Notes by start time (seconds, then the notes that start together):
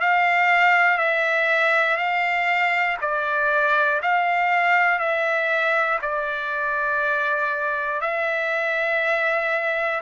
0.00 F5
0.98 E5
1.97 F5
3.01 D5
4.02 F5
4.99 E5
6.02 D5
8.01 E5